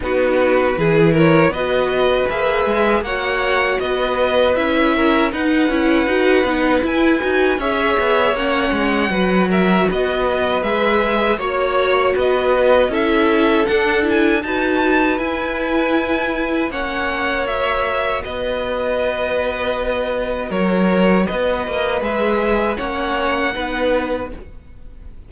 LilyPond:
<<
  \new Staff \with { instrumentName = "violin" } { \time 4/4 \tempo 4 = 79 b'4. cis''8 dis''4 e''4 | fis''4 dis''4 e''4 fis''4~ | fis''4 gis''4 e''4 fis''4~ | fis''8 e''8 dis''4 e''4 cis''4 |
dis''4 e''4 fis''8 gis''8 a''4 | gis''2 fis''4 e''4 | dis''2. cis''4 | dis''4 e''4 fis''2 | }
  \new Staff \with { instrumentName = "violin" } { \time 4/4 fis'4 gis'8 ais'8 b'2 | cis''4 b'4. ais'8 b'4~ | b'2 cis''2 | b'8 ais'8 b'2 cis''4 |
b'4 a'2 b'4~ | b'2 cis''2 | b'2. ais'4 | b'2 cis''4 b'4 | }
  \new Staff \with { instrumentName = "viola" } { \time 4/4 dis'4 e'4 fis'4 gis'4 | fis'2 e'4 dis'8 e'8 | fis'8 dis'8 e'8 fis'8 gis'4 cis'4 | fis'2 gis'4 fis'4~ |
fis'4 e'4 d'8 e'8 fis'4 | e'2 cis'4 fis'4~ | fis'1~ | fis'4 gis'4 cis'4 dis'4 | }
  \new Staff \with { instrumentName = "cello" } { \time 4/4 b4 e4 b4 ais8 gis8 | ais4 b4 cis'4 dis'8 cis'8 | dis'8 b8 e'8 dis'8 cis'8 b8 ais8 gis8 | fis4 b4 gis4 ais4 |
b4 cis'4 d'4 dis'4 | e'2 ais2 | b2. fis4 | b8 ais8 gis4 ais4 b4 | }
>>